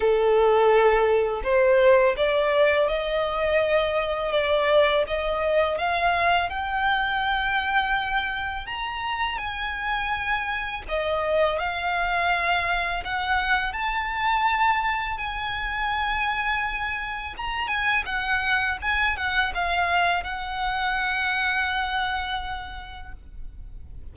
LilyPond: \new Staff \with { instrumentName = "violin" } { \time 4/4 \tempo 4 = 83 a'2 c''4 d''4 | dis''2 d''4 dis''4 | f''4 g''2. | ais''4 gis''2 dis''4 |
f''2 fis''4 a''4~ | a''4 gis''2. | ais''8 gis''8 fis''4 gis''8 fis''8 f''4 | fis''1 | }